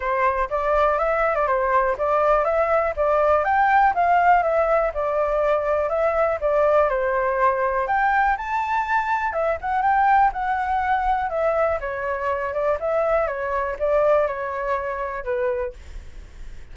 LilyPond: \new Staff \with { instrumentName = "flute" } { \time 4/4 \tempo 4 = 122 c''4 d''4 e''8. d''16 c''4 | d''4 e''4 d''4 g''4 | f''4 e''4 d''2 | e''4 d''4 c''2 |
g''4 a''2 e''8 fis''8 | g''4 fis''2 e''4 | cis''4. d''8 e''4 cis''4 | d''4 cis''2 b'4 | }